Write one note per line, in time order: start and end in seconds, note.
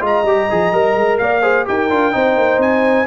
0.00 0.23 G#3
0.00 0.24 F4
0.00 1.18 D#5
0.06 1.18 A#5
0.23 0.47 G3
0.23 0.50 G4
0.50 0.72 F3
0.50 0.73 G#4
0.72 0.95 G3
0.72 1.42 A#4
0.95 1.19 G#3
1.18 1.68 A#3
1.18 1.42 D5
1.18 1.65 F5
1.42 1.66 G#4
1.42 1.65 C5
1.66 1.90 D#4
1.66 1.89 G4
1.66 2.15 A#4
1.66 2.62 G5
1.90 2.14 D4
1.90 2.12 F4
2.12 2.37 C4
2.12 3.07 D#4
2.12 3.07 C5
2.37 2.58 A#3
2.58 3.05 C4
2.58 3.07 G#5